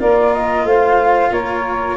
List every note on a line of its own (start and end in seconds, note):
0.00 0.65 A#3
0.00 1.98 F4
0.00 0.67 A#4
0.00 0.34 D5
0.34 0.67 D#5
0.65 1.31 A3
0.65 1.31 C5
0.65 1.33 F5
1.31 1.98 A#3
1.31 1.97 A#4
1.31 1.98 C#5